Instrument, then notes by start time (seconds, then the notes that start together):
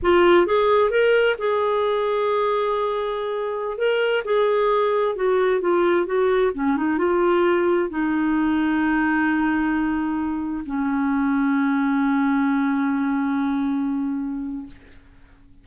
clarinet
0.02 F4
0.46 G#4
0.90 A#4
1.38 G#4
3.77 A#4
4.24 G#4
5.15 F#4
5.60 F4
6.05 F#4
6.54 C#4
6.77 D#4
6.97 F4
7.89 D#4
10.65 C#4